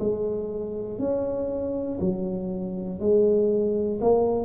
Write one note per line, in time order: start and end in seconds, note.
0.00 0.99 G#3
0.99 1.99 C#4
2.01 3.00 F#3
3.00 4.00 G#3
4.01 4.45 A#3